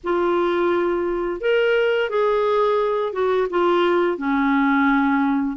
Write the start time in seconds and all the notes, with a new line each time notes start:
0.03 F4
1.40 A#4
2.09 G#4
3.12 F#4
3.49 F4
4.17 C#4